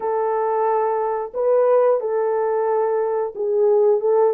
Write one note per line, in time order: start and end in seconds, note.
0.00 1.32 A4
1.33 2.00 B4
2.00 3.33 A4
3.35 4.00 G#4
4.00 4.33 A4